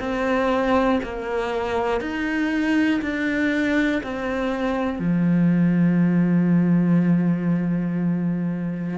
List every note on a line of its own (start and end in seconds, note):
0.00 1.00 C4
1.03 2.01 A#3
2.01 3.01 D#4
3.01 4.01 D4
4.03 4.99 C4
4.99 8.98 F3